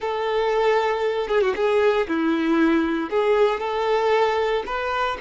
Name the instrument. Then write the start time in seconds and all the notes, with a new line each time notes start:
violin
0.00 A4
1.28 G#4
1.41 F#4
1.55 G#4
2.07 E4
3.10 G#4
3.60 A4
4.66 B4